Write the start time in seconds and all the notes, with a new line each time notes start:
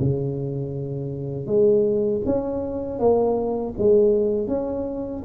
0.00 C#3
1.47 G#3
2.26 C#4
2.99 A#3
3.78 G#3
4.48 C#4